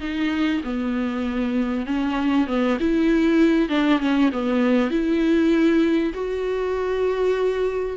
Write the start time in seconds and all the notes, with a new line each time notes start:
0.00 D#4
0.63 B3
1.86 C#4
2.47 B3
2.80 E4
3.68 D4
3.99 C#4
4.32 B3
4.90 E4
6.14 F#4